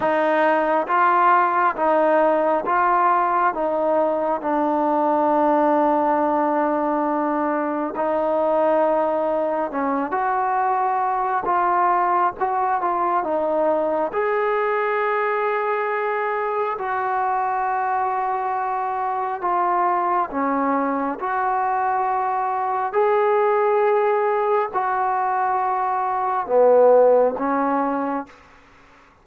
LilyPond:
\new Staff \with { instrumentName = "trombone" } { \time 4/4 \tempo 4 = 68 dis'4 f'4 dis'4 f'4 | dis'4 d'2.~ | d'4 dis'2 cis'8 fis'8~ | fis'4 f'4 fis'8 f'8 dis'4 |
gis'2. fis'4~ | fis'2 f'4 cis'4 | fis'2 gis'2 | fis'2 b4 cis'4 | }